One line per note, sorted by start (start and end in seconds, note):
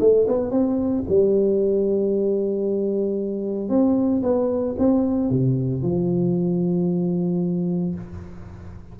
0.00 0.27 A3
0.28 0.51 B3
0.51 1.04 C4
1.09 3.69 G3
3.69 4.22 C4
4.23 4.76 B3
4.78 5.30 C4
5.30 5.82 C3
5.82 7.95 F3